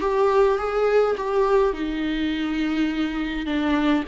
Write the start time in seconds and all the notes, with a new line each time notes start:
0.00 G4
0.58 G#4
1.17 G4
1.73 D#4
3.46 D4